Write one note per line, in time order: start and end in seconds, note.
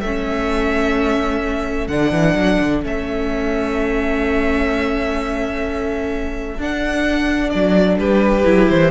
0.00 1.87 A3
0.00 1.90 C#4
0.00 7.99 A4
0.00 1.87 E5
1.87 2.11 D3
1.87 2.82 D4
1.87 2.81 F#5
2.11 2.34 E3
2.35 2.58 F#3
2.60 2.83 D3
2.82 6.57 A3
2.82 6.57 C#4
2.82 6.61 E5
6.57 7.51 D4
6.57 8.44 D4
6.57 7.49 F#5
7.49 7.98 F#3
7.49 7.96 D5
7.98 8.45 G3
7.98 8.91 G4
7.98 8.68 B4
8.44 8.70 F#3
8.44 8.90 E4
8.68 8.91 E3
8.68 8.91 C5